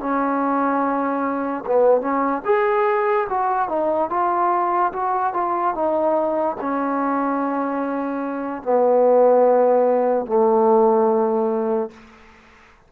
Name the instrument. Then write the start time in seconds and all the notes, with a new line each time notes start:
trombone
0.00 C#4
1.67 B3
2.01 C#4
2.45 G#4
3.30 F#4
3.69 D#4
4.10 F4
4.93 F#4
5.34 F4
5.75 D#4
6.61 C#4
8.63 B3
10.26 A3